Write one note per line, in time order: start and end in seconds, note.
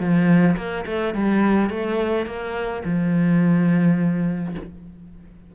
0.00 0.57 F3
0.57 0.85 A#3
0.86 1.14 A3
1.15 1.70 G3
1.70 2.27 A3
2.27 2.83 A#3
2.85 4.55 F3